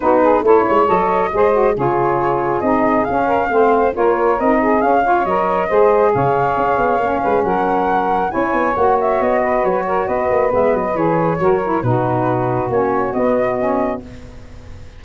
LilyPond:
<<
  \new Staff \with { instrumentName = "flute" } { \time 4/4 \tempo 4 = 137 b'4 cis''4 dis''2 | cis''2 dis''4 f''4~ | f''4 cis''4 dis''4 f''4 | dis''2 f''2~ |
f''4 fis''2 gis''4 | fis''8 e''8 dis''4 cis''4 dis''4 | e''8 dis''8 cis''2 b'4~ | b'4 cis''4 dis''2 | }
  \new Staff \with { instrumentName = "saxophone" } { \time 4/4 fis'8 gis'8 a'8 cis''4. c''4 | gis'2.~ gis'8 ais'8 | c''4 ais'4. gis'4 cis''8~ | cis''4 c''4 cis''2~ |
cis''8 b'8 ais'2 cis''4~ | cis''4. b'4 ais'8 b'4~ | b'2 ais'4 fis'4~ | fis'1 | }
  \new Staff \with { instrumentName = "saxophone" } { \time 4/4 dis'4 e'4 a'4 gis'8 fis'8 | f'2 dis'4 cis'4 | c'4 f'4 dis'4 cis'8 f'8 | ais'4 gis'2. |
cis'2. e'4 | fis'1 | b4 gis'4 fis'8 e'8 dis'4~ | dis'4 cis'4 b4 cis'4 | }
  \new Staff \with { instrumentName = "tuba" } { \time 4/4 b4 a8 gis8 fis4 gis4 | cis2 c'4 cis'4 | a4 ais4 c'4 cis'4 | fis4 gis4 cis4 cis'8 b8 |
ais8 gis8 fis2 cis'8 b8 | ais4 b4 fis4 b8 ais8 | gis8 fis8 e4 fis4 b,4~ | b,4 ais4 b2 | }
>>